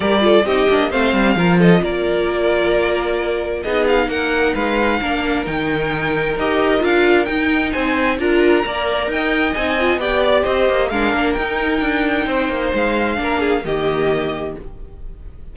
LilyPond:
<<
  \new Staff \with { instrumentName = "violin" } { \time 4/4 \tempo 4 = 132 d''4 dis''4 f''4. dis''8 | d''1 | dis''8 f''8 fis''4 f''2 | g''2 dis''4 f''4 |
g''4 gis''4 ais''2 | g''4 gis''4 g''8 d''8 dis''4 | f''4 g''2. | f''2 dis''2 | }
  \new Staff \with { instrumentName = "violin" } { \time 4/4 ais'8 a'8 g'4 c''4 ais'8 a'8 | ais'1 | gis'4 ais'4 b'4 ais'4~ | ais'1~ |
ais'4 c''4 ais'4 d''4 | dis''2 d''4 c''4 | ais'2. c''4~ | c''4 ais'8 gis'8 g'2 | }
  \new Staff \with { instrumentName = "viola" } { \time 4/4 g'8 f'8 dis'8 d'8 c'4 f'4~ | f'1 | dis'2. d'4 | dis'2 g'4 f'4 |
dis'2 f'4 ais'4~ | ais'4 dis'8 f'8 g'2 | d'4 dis'2.~ | dis'4 d'4 ais2 | }
  \new Staff \with { instrumentName = "cello" } { \time 4/4 g4 c'8 ais8 a8 g8 f4 | ais1 | b4 ais4 gis4 ais4 | dis2 dis'4 d'4 |
dis'4 c'4 d'4 ais4 | dis'4 c'4 b4 c'8 ais8 | gis8 ais8 dis'4 d'4 c'8 ais8 | gis4 ais4 dis2 | }
>>